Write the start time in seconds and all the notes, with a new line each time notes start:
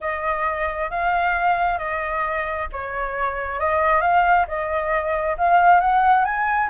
0.00 D#5
0.90 F5
1.78 D#5
2.72 C#5
3.59 D#5
4.01 F5
4.47 D#5
5.37 F5
5.80 F#5
6.24 G#5